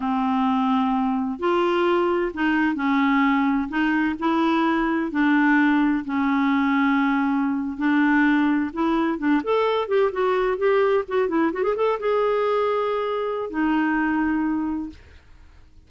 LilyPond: \new Staff \with { instrumentName = "clarinet" } { \time 4/4 \tempo 4 = 129 c'2. f'4~ | f'4 dis'4 cis'2 | dis'4 e'2 d'4~ | d'4 cis'2.~ |
cis'8. d'2 e'4 d'16~ | d'16 a'4 g'8 fis'4 g'4 fis'16~ | fis'16 e'8 fis'16 gis'16 a'8 gis'2~ gis'16~ | gis'4 dis'2. | }